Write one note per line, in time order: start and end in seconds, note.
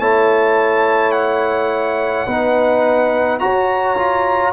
0.00 2.26 A3
0.00 2.28 E4
0.00 2.27 C#5
0.00 1.12 A5
1.12 3.38 F#5
2.27 3.40 B3
2.27 3.40 D#4
2.27 3.40 B4
3.39 3.96 F#4
3.39 4.53 F#4
3.39 4.53 C#5
3.39 4.53 A#5
3.98 4.53 F4